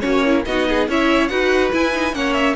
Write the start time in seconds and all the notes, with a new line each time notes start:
0.00 A#3 C#4 F#4 C#5
0.25 E4
0.45 B3 D#4 F#4 D#5
0.68 G#4
0.88 C#4 E4 C#5 E5
1.27 D#4 F#4 B4 F#5
1.72 E4 G#5
1.93 D#4
2.12 A#3 C#4 C#5 F#5
2.33 E5